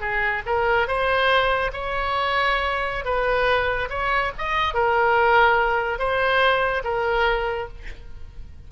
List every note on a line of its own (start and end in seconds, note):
0.00 0.42 G#4
0.46 0.87 A#4
0.87 1.71 C5
1.73 3.05 C#5
3.05 3.88 B4
3.89 4.31 C#5
4.38 4.74 D#5
4.74 5.99 A#4
5.99 6.83 C5
6.84 7.68 A#4